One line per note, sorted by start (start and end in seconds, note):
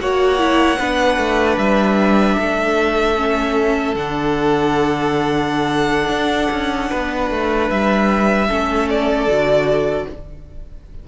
0.00 0.79 A#3
0.00 0.39 F#4
0.00 0.79 C#5
0.00 1.59 F#5
0.39 0.78 E4
0.79 1.18 B3
0.79 3.17 D4
0.79 2.37 B4
1.18 1.58 A3
1.58 2.37 G3
1.58 3.95 E5
2.39 3.95 A3
2.39 6.90 A4
3.17 3.96 C#4
3.95 6.09 D3
3.95 8.50 D4
3.95 7.71 F#5
6.09 6.49 D4
6.52 6.91 C#4
6.90 7.31 B3
6.90 8.48 B4
7.31 7.71 A3
7.71 8.50 G3
7.71 8.89 E5
8.49 9.28 A3
8.49 9.29 C#4
8.49 10.06 A4
8.90 10.09 D5
9.28 10.07 D3
9.28 10.08 F#4